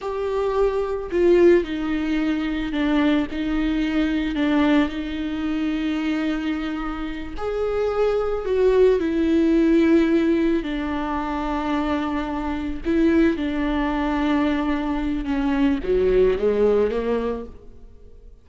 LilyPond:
\new Staff \with { instrumentName = "viola" } { \time 4/4 \tempo 4 = 110 g'2 f'4 dis'4~ | dis'4 d'4 dis'2 | d'4 dis'2.~ | dis'4. gis'2 fis'8~ |
fis'8 e'2. d'8~ | d'2.~ d'8 e'8~ | e'8 d'2.~ d'8 | cis'4 fis4 gis4 ais4 | }